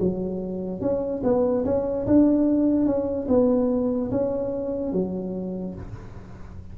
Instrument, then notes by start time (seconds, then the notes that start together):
tuba
0.00 F#3
0.81 C#4
1.24 B3
1.65 C#4
2.07 D4
2.86 C#4
3.28 B3
4.11 C#4
4.93 F#3